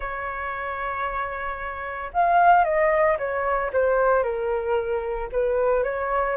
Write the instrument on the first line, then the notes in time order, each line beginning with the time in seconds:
flute
0.00 C#5
2.13 F5
2.64 D#5
3.18 C#5
3.72 C5
4.23 A#4
5.32 B4
5.83 C#5